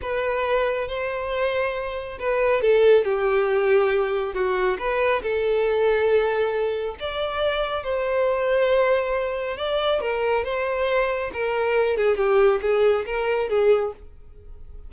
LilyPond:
\new Staff \with { instrumentName = "violin" } { \time 4/4 \tempo 4 = 138 b'2 c''2~ | c''4 b'4 a'4 g'4~ | g'2 fis'4 b'4 | a'1 |
d''2 c''2~ | c''2 d''4 ais'4 | c''2 ais'4. gis'8 | g'4 gis'4 ais'4 gis'4 | }